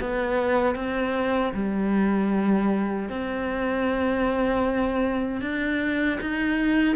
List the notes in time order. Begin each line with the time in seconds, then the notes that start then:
0.00 B3
0.75 C4
1.53 G3
3.09 C4
5.41 D4
6.21 D#4